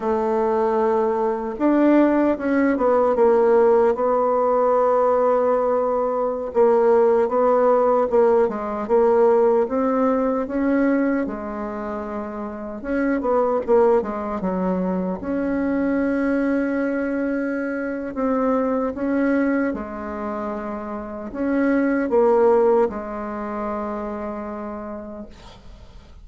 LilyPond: \new Staff \with { instrumentName = "bassoon" } { \time 4/4 \tempo 4 = 76 a2 d'4 cis'8 b8 | ais4 b2.~ | b16 ais4 b4 ais8 gis8 ais8.~ | ais16 c'4 cis'4 gis4.~ gis16~ |
gis16 cis'8 b8 ais8 gis8 fis4 cis'8.~ | cis'2. c'4 | cis'4 gis2 cis'4 | ais4 gis2. | }